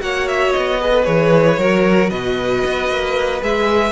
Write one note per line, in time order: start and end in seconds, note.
0.00 0.54 A#3
0.00 0.79 F#4
0.00 0.81 C#5
0.00 0.28 F#5
0.28 0.53 E5
0.53 1.07 B3
0.53 1.05 D#5
0.80 0.92 G#4
0.80 1.59 B4
0.92 1.04 A4
1.04 1.59 E3
1.04 1.56 G#4
1.04 2.10 C#5
1.59 2.11 F#3
1.59 3.42 F#4
1.59 2.10 A#4
2.10 2.63 B2
2.10 3.92 B4
2.10 3.42 D#5
2.65 2.89 B3
2.89 3.42 A#3
3.42 3.92 G#3
3.42 3.92 G#4
3.42 3.92 E5